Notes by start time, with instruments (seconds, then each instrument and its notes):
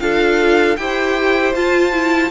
0.00 cello D4, viola F4, violin A4 F5
0.76 cello E4, viola G4, violin C5 G5
1.54 cello F4, viola F4, violin A5
1.93 viola E4